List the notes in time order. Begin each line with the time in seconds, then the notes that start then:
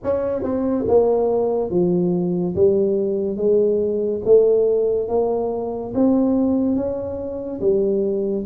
0.03 C#4
0.42 C4
0.88 A#3
1.70 F3
2.55 G3
3.36 G#3
4.24 A3
5.08 A#3
5.94 C4
6.76 C#4
7.61 G3